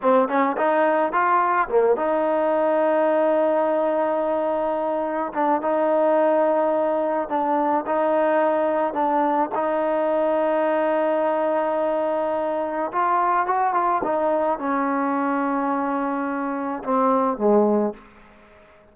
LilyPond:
\new Staff \with { instrumentName = "trombone" } { \time 4/4 \tempo 4 = 107 c'8 cis'8 dis'4 f'4 ais8 dis'8~ | dis'1~ | dis'4. d'8 dis'2~ | dis'4 d'4 dis'2 |
d'4 dis'2.~ | dis'2. f'4 | fis'8 f'8 dis'4 cis'2~ | cis'2 c'4 gis4 | }